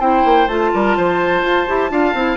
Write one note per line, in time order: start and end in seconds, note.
0.00 0.24 C4
0.00 0.48 E4
0.00 0.72 C5
0.00 0.48 G5
0.25 0.48 A#3
0.48 0.72 A3
0.48 1.67 F4
0.48 2.37 A5
0.74 0.98 G3
0.74 0.97 A#4
0.97 1.42 F3
0.97 1.92 C5
1.42 1.66 F4
1.67 1.91 E4
1.67 1.90 G4
1.90 2.14 D4
1.90 2.14 F4
1.90 2.37 F5
2.14 2.37 C4
2.14 2.37 E4